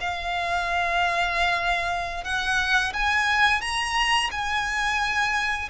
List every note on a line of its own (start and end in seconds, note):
0.00 2.24 F5
2.24 2.92 F#5
2.93 3.61 G#5
3.61 4.30 A#5
4.31 5.69 G#5